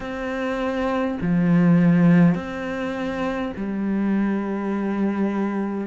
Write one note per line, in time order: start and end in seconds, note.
0.00 1.18 C4
1.21 2.34 F3
2.34 3.52 C4
3.56 5.87 G3